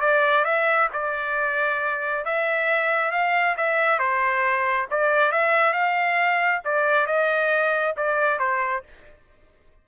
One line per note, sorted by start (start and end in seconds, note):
0.00 0.44 D5
0.44 0.88 E5
0.92 2.25 D5
2.25 3.11 E5
3.11 3.55 F5
3.57 3.98 E5
3.98 4.87 C5
4.90 5.31 D5
5.31 5.73 E5
5.73 6.61 F5
6.64 7.06 D5
7.06 7.95 D#5
7.96 8.39 D5
8.39 8.83 C5